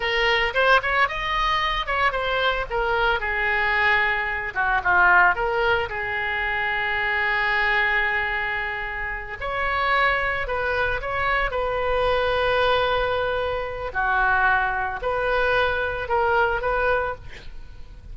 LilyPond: \new Staff \with { instrumentName = "oboe" } { \time 4/4 \tempo 4 = 112 ais'4 c''8 cis''8 dis''4. cis''8 | c''4 ais'4 gis'2~ | gis'8 fis'8 f'4 ais'4 gis'4~ | gis'1~ |
gis'4. cis''2 b'8~ | b'8 cis''4 b'2~ b'8~ | b'2 fis'2 | b'2 ais'4 b'4 | }